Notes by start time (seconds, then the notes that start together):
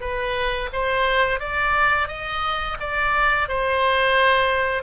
0.00 B4
0.72 C5
1.39 D5
2.08 D#5
2.80 D5
3.48 C5